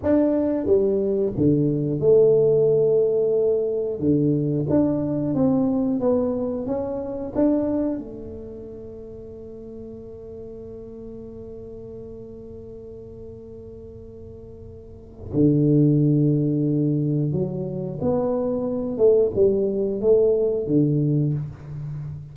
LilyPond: \new Staff \with { instrumentName = "tuba" } { \time 4/4 \tempo 4 = 90 d'4 g4 d4 a4~ | a2 d4 d'4 | c'4 b4 cis'4 d'4 | a1~ |
a1~ | a2. d4~ | d2 fis4 b4~ | b8 a8 g4 a4 d4 | }